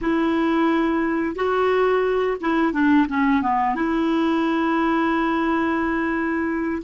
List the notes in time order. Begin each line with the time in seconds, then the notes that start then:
0.01 E4
1.35 F#4
2.40 E4
2.72 D4
3.08 C#4
3.42 B3
3.75 E4